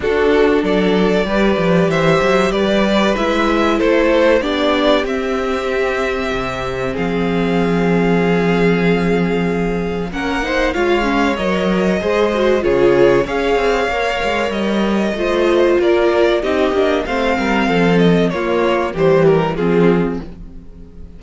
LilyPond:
<<
  \new Staff \with { instrumentName = "violin" } { \time 4/4 \tempo 4 = 95 a'4 d''2 e''4 | d''4 e''4 c''4 d''4 | e''2. f''4~ | f''1 |
fis''4 f''4 dis''2 | cis''4 f''2 dis''4~ | dis''4 d''4 dis''4 f''4~ | f''8 dis''8 cis''4 c''8 ais'8 gis'4 | }
  \new Staff \with { instrumentName = "violin" } { \time 4/4 fis'4 a'4 b'4 c''4 | b'2 a'4 g'4~ | g'2. gis'4~ | gis'1 |
ais'8 c''8 cis''2 c''4 | gis'4 cis''2. | c''4 ais'4 g'4 c''8 ais'8 | a'4 f'4 g'4 f'4 | }
  \new Staff \with { instrumentName = "viola" } { \time 4/4 d'2 g'2~ | g'4 e'2 d'4 | c'1~ | c'1 |
cis'8 dis'8 f'8 cis'8 ais'4 gis'8 fis'8 | f'4 gis'4 ais'2 | f'2 dis'8 d'8 c'4~ | c'4 ais4 g4 c'4 | }
  \new Staff \with { instrumentName = "cello" } { \time 4/4 d'4 fis4 g8 f8 e8 fis8 | g4 gis4 a4 b4 | c'2 c4 f4~ | f1 |
ais4 gis4 fis4 gis4 | cis4 cis'8 c'8 ais8 gis8 g4 | a4 ais4 c'8 ais8 a8 g8 | f4 ais4 e4 f4 | }
>>